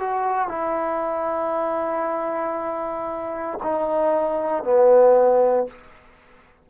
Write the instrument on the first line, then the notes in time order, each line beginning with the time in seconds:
trombone
0.00 F#4
0.48 E4
3.63 D#4
4.64 B3